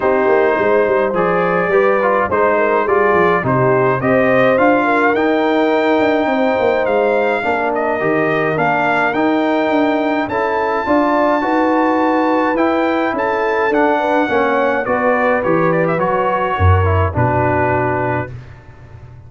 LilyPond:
<<
  \new Staff \with { instrumentName = "trumpet" } { \time 4/4 \tempo 4 = 105 c''2 d''2 | c''4 d''4 c''4 dis''4 | f''4 g''2. | f''4. dis''4. f''4 |
g''2 a''2~ | a''2 g''4 a''4 | fis''2 d''4 cis''8 d''16 e''16 | cis''2 b'2 | }
  \new Staff \with { instrumentName = "horn" } { \time 4/4 g'4 c''2 b'4 | c''8 ais'8 gis'4 g'4 c''4~ | c''8 ais'2~ ais'8 c''4~ | c''4 ais'2.~ |
ais'2 a'4 d''4 | b'2. a'4~ | a'8 b'8 cis''4 b'2~ | b'4 ais'4 fis'2 | }
  \new Staff \with { instrumentName = "trombone" } { \time 4/4 dis'2 gis'4 g'8 f'8 | dis'4 f'4 dis'4 g'4 | f'4 dis'2.~ | dis'4 d'4 g'4 d'4 |
dis'2 e'4 f'4 | fis'2 e'2 | d'4 cis'4 fis'4 g'4 | fis'4. e'8 d'2 | }
  \new Staff \with { instrumentName = "tuba" } { \time 4/4 c'8 ais8 gis8 g8 f4 g4 | gis4 g8 f8 c4 c'4 | d'4 dis'4. d'8 c'8 ais8 | gis4 ais4 dis4 ais4 |
dis'4 d'4 cis'4 d'4 | dis'2 e'4 cis'4 | d'4 ais4 b4 e4 | fis4 fis,4 b,2 | }
>>